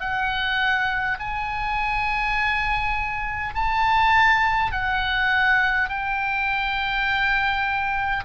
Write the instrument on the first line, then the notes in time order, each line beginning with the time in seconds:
oboe
0.00 F#5
1.19 G#5
3.55 A5
4.72 F#5
5.89 G5